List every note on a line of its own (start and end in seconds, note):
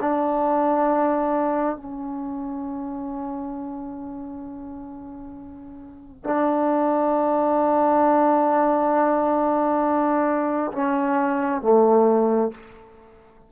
0.00 1.76 D4
1.76 6.24 C#4
6.24 10.71 D4
10.72 11.61 C#4
11.61 12.50 A3